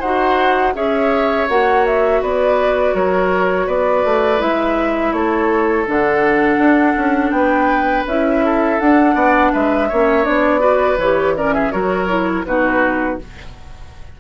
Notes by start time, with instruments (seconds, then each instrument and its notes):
0.00 bassoon D#4, clarinet F#4, oboe C5, flute F#5
0.74 bassoon C#4, clarinet G#4, oboe C#5, flute E5
1.49 bassoon A#3, clarinet F#4, flute F#5
1.86 flute E5
2.22 bassoon B3, oboe B4, flute D5
2.94 bassoon F#3, oboe A#4, flute C#5
3.66 bassoon B3, oboe B4, flute D5
4.04 bassoon A3
4.39 bassoon G#3, clarinet E4, flute E5
5.13 bassoon A3, oboe A4, flute C#5
5.87 bassoon D3, clarinet D4, flute F#5
6.57 bassoon D4
6.97 bassoon C#4
7.31 bassoon B3, oboe B4, flute G5
8.06 bassoon C#4, clarinet E4, flute E5
8.45 oboe A4
8.80 clarinet D4, bassoon D4, flute F#5
9.15 bassoon B3, oboe D5
9.53 bassoon G#3, oboe B4, flute E5
9.89 bassoon A#3, clarinet C#4, oboe C#5
10.23 bassoon B3, clarinet D4, flute D5
10.59 clarinet F#4, oboe B4
10.98 bassoon E3, clarinet G4, flute C#5
11.36 clarinet C#4, oboe A#4, flute D5
11.54 oboe G#4, flute E5
11.71 bassoon F#3, clarinet F#4, oboe A#4, flute C#5
12.08 clarinet E4
12.45 bassoon B2, clarinet D#4, oboe F#4, flute B4